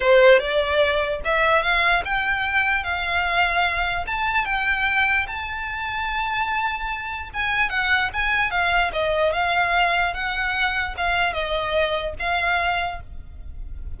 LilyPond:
\new Staff \with { instrumentName = "violin" } { \time 4/4 \tempo 4 = 148 c''4 d''2 e''4 | f''4 g''2 f''4~ | f''2 a''4 g''4~ | g''4 a''2.~ |
a''2 gis''4 fis''4 | gis''4 f''4 dis''4 f''4~ | f''4 fis''2 f''4 | dis''2 f''2 | }